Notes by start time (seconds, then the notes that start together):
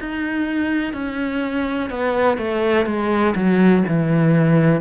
0.00 D#4
0.93 C#4
1.90 B3
2.38 A3
2.86 G#3
3.35 F#3
3.88 E3